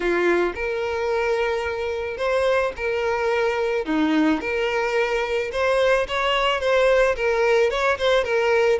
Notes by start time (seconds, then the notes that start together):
0.00 F4
0.54 A#4
2.17 C5
2.76 A#4
3.85 D#4
4.41 A#4
5.51 C5
6.08 C#5
6.60 C5
7.16 A#4
7.70 C#5
7.98 C5
8.24 A#4